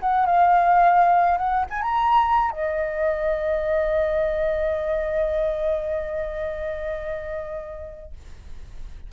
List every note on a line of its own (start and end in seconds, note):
0.00 0.26 F#5
0.26 1.38 F5
1.38 1.66 F#5
1.70 1.82 G#5
1.82 2.51 A#5
2.51 8.12 D#5